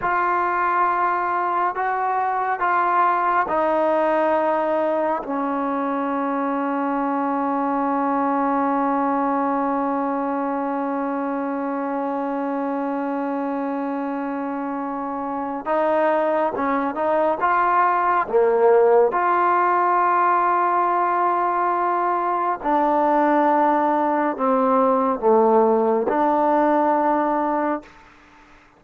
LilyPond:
\new Staff \with { instrumentName = "trombone" } { \time 4/4 \tempo 4 = 69 f'2 fis'4 f'4 | dis'2 cis'2~ | cis'1~ | cis'1~ |
cis'2 dis'4 cis'8 dis'8 | f'4 ais4 f'2~ | f'2 d'2 | c'4 a4 d'2 | }